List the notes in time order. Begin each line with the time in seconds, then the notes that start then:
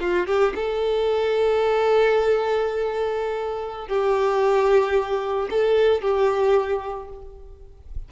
0.00 F4
0.27 G4
0.55 A4
3.88 G4
5.51 A4
6.02 G4